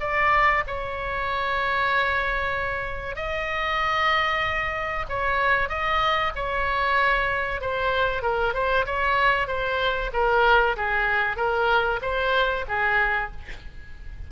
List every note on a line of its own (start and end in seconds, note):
0.00 0.63 D5
0.67 3.16 C#5
3.16 5.05 D#5
5.09 5.68 C#5
5.68 6.32 D#5
6.35 7.60 C#5
7.60 8.22 C5
8.22 8.53 A#4
8.53 8.85 C5
8.86 9.47 C#5
9.47 10.10 C5
10.13 10.76 A#4
10.76 11.36 G#4
11.36 11.99 A#4
12.01 12.65 C5
12.68 13.31 G#4